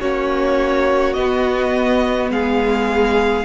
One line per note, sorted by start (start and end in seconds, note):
0.00 1.16 A#3
0.00 1.15 C#4
0.00 2.32 F#4
0.00 1.13 C#5
1.13 3.45 B3
1.13 2.30 B3
1.13 2.29 D#5
2.30 3.45 G#3
2.30 3.45 G#4
2.30 3.45 F5